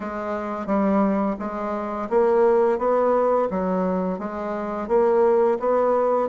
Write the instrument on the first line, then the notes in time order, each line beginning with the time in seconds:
bassoon
0.00 G#3
0.66 G3
1.39 G#3
2.09 A#3
2.78 B3
3.50 F#3
4.19 G#3
4.88 A#3
5.59 B3